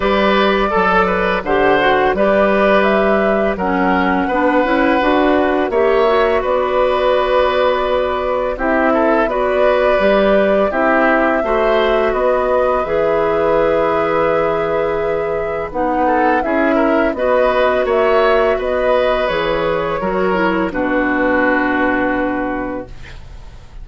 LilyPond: <<
  \new Staff \with { instrumentName = "flute" } { \time 4/4 \tempo 4 = 84 d''2 fis''4 d''4 | e''4 fis''2. | e''4 d''2. | e''4 d''2 e''4~ |
e''4 dis''4 e''2~ | e''2 fis''4 e''4 | dis''4 e''4 dis''4 cis''4~ | cis''4 b'2. | }
  \new Staff \with { instrumentName = "oboe" } { \time 4/4 b'4 a'8 b'8 c''4 b'4~ | b'4 ais'4 b'2 | cis''4 b'2. | g'8 a'8 b'2 g'4 |
c''4 b'2.~ | b'2~ b'8 a'8 gis'8 ais'8 | b'4 cis''4 b'2 | ais'4 fis'2. | }
  \new Staff \with { instrumentName = "clarinet" } { \time 4/4 g'4 a'4 g'8 fis'8 g'4~ | g'4 cis'4 d'8 e'8 fis'4 | g'8 fis'2.~ fis'8 | e'4 fis'4 g'4 e'4 |
fis'2 gis'2~ | gis'2 dis'4 e'4 | fis'2. gis'4 | fis'8 e'8 d'2. | }
  \new Staff \with { instrumentName = "bassoon" } { \time 4/4 g4 fis4 d4 g4~ | g4 fis4 b8 cis'8 d'4 | ais4 b2. | c'4 b4 g4 c'4 |
a4 b4 e2~ | e2 b4 cis'4 | b4 ais4 b4 e4 | fis4 b,2. | }
>>